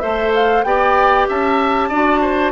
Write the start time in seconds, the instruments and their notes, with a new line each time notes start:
0.00 bassoon A3, clarinet A4, oboe C5, flute E5
0.35 flute F5
0.64 bassoon B3, clarinet G4, oboe D5, flute G5
1.28 bassoon C#4, oboe E5, flute A5
1.89 bassoon D4, clarinet F#4, oboe D5
2.21 oboe C5